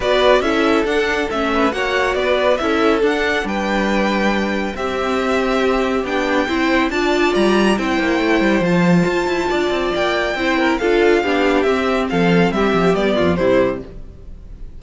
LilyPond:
<<
  \new Staff \with { instrumentName = "violin" } { \time 4/4 \tempo 4 = 139 d''4 e''4 fis''4 e''4 | fis''4 d''4 e''4 fis''4 | g''2. e''4~ | e''2 g''2 |
a''4 ais''4 g''2 | a''2. g''4~ | g''4 f''2 e''4 | f''4 e''4 d''4 c''4 | }
  \new Staff \with { instrumentName = "violin" } { \time 4/4 b'4 a'2~ a'8 b'8 | cis''4 b'4 a'2 | b'2. g'4~ | g'2. c''4 |
d''2 c''2~ | c''2 d''2 | c''8 ais'8 a'4 g'2 | a'4 g'4. f'8 e'4 | }
  \new Staff \with { instrumentName = "viola" } { \time 4/4 fis'4 e'4 d'4 cis'4 | fis'2 e'4 d'4~ | d'2. c'4~ | c'2 d'4 e'4 |
f'2 e'2 | f'1 | e'4 f'4 d'4 c'4~ | c'2 b4 g4 | }
  \new Staff \with { instrumentName = "cello" } { \time 4/4 b4 cis'4 d'4 a4 | ais4 b4 cis'4 d'4 | g2. c'4~ | c'2 b4 c'4 |
d'4 g4 c'8 ais8 a8 g8 | f4 f'8 e'8 d'8 c'8 ais4 | c'4 d'4 b4 c'4 | f4 g8 f8 g8 f,8 c4 | }
>>